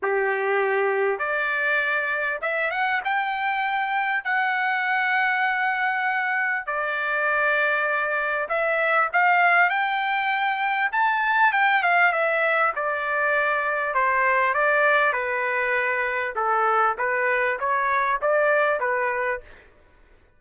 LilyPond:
\new Staff \with { instrumentName = "trumpet" } { \time 4/4 \tempo 4 = 99 g'2 d''2 | e''8 fis''8 g''2 fis''4~ | fis''2. d''4~ | d''2 e''4 f''4 |
g''2 a''4 g''8 f''8 | e''4 d''2 c''4 | d''4 b'2 a'4 | b'4 cis''4 d''4 b'4 | }